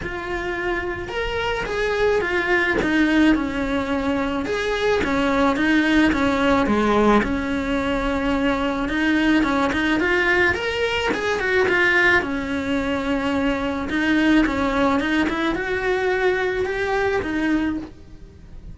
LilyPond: \new Staff \with { instrumentName = "cello" } { \time 4/4 \tempo 4 = 108 f'2 ais'4 gis'4 | f'4 dis'4 cis'2 | gis'4 cis'4 dis'4 cis'4 | gis4 cis'2. |
dis'4 cis'8 dis'8 f'4 ais'4 | gis'8 fis'8 f'4 cis'2~ | cis'4 dis'4 cis'4 dis'8 e'8 | fis'2 g'4 dis'4 | }